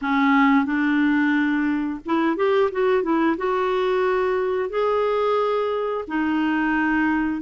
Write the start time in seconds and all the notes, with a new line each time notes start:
0.01 C#4
0.65 D4
2.05 E4
2.36 G4
2.72 F#4
3.02 E4
3.37 F#4
4.69 G#4
6.07 D#4